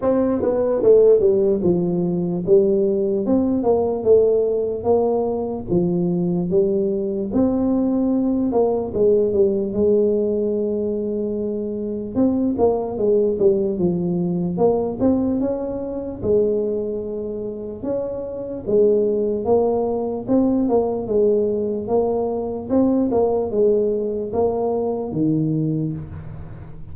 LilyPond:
\new Staff \with { instrumentName = "tuba" } { \time 4/4 \tempo 4 = 74 c'8 b8 a8 g8 f4 g4 | c'8 ais8 a4 ais4 f4 | g4 c'4. ais8 gis8 g8 | gis2. c'8 ais8 |
gis8 g8 f4 ais8 c'8 cis'4 | gis2 cis'4 gis4 | ais4 c'8 ais8 gis4 ais4 | c'8 ais8 gis4 ais4 dis4 | }